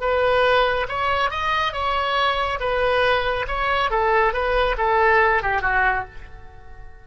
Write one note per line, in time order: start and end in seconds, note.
0.00 0.86 B4
0.88 1.30 C#5
1.30 1.72 D#5
1.72 2.59 C#5
2.59 3.46 B4
3.47 3.90 C#5
3.90 4.33 A4
4.33 4.76 B4
4.77 5.42 A4
5.42 5.61 G4
5.61 6.04 F#4